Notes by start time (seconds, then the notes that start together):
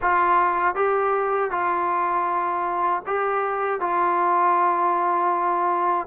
0.01 F4
0.75 G4
1.50 F4
3.06 G4
3.80 F4